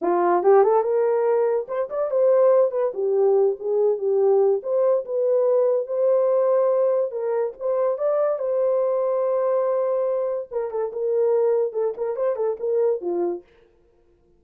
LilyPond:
\new Staff \with { instrumentName = "horn" } { \time 4/4 \tempo 4 = 143 f'4 g'8 a'8 ais'2 | c''8 d''8 c''4. b'8 g'4~ | g'8 gis'4 g'4. c''4 | b'2 c''2~ |
c''4 ais'4 c''4 d''4 | c''1~ | c''4 ais'8 a'8 ais'2 | a'8 ais'8 c''8 a'8 ais'4 f'4 | }